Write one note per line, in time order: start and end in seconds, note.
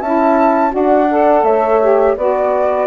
0.00 0.72 C#4
0.00 0.71 E4
0.00 0.71 E5
0.00 0.73 A5
0.71 1.43 D4
0.71 1.06 F#4
0.71 1.45 D5
0.71 1.44 F#5
1.11 1.81 A4
1.43 2.15 A3
1.43 2.16 C#5
1.43 2.15 E5
1.81 2.17 G4
2.17 2.87 B3
2.17 2.87 F#4
2.17 2.87 B4
2.17 2.87 D5